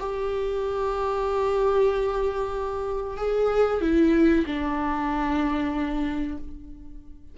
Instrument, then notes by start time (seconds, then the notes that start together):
viola
0.00 G4
3.18 G#4
3.82 E4
4.47 D4